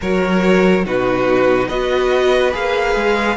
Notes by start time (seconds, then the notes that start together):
0.01 F#3 F#4 A#4 C#5
0.85 B2 D#4 F#4 B4
1.68 B3 F#4 B4 D#5
2.52 A#3 G#4 F5
2.95 G#3